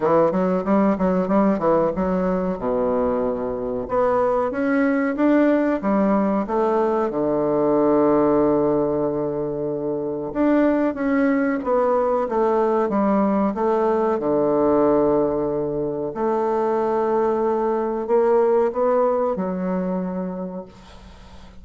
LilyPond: \new Staff \with { instrumentName = "bassoon" } { \time 4/4 \tempo 4 = 93 e8 fis8 g8 fis8 g8 e8 fis4 | b,2 b4 cis'4 | d'4 g4 a4 d4~ | d1 |
d'4 cis'4 b4 a4 | g4 a4 d2~ | d4 a2. | ais4 b4 fis2 | }